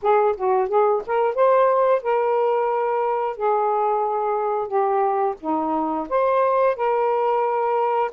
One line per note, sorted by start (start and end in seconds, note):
0.02 0.35 G#4
0.36 0.68 F#4
0.68 1.02 G#4
1.06 1.35 A#4
1.35 2.02 C5
2.02 3.36 A#4
3.36 4.67 G#4
4.67 5.34 G4
5.40 6.08 D#4
6.09 6.76 C5
6.76 8.11 A#4